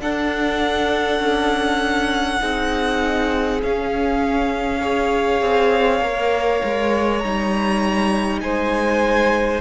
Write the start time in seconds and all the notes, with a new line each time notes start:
0.00 D4 A4 F#5
1.19 C#4
2.40 C4 D#4 G#4
3.62 C#4 F5
4.80 G#4 C#5
5.41 C4
6.00 A#3 A#4
6.63 G#3
7.19 G3 D#4 A#5
8.40 G#3 C5 G#5